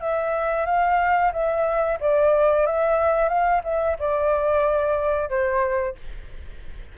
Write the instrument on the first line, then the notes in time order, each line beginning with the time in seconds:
flute
0.00 E5
0.66 F5
1.32 E5
2.00 D5
2.66 E5
3.28 F5
3.64 E5
3.99 D5
5.29 C5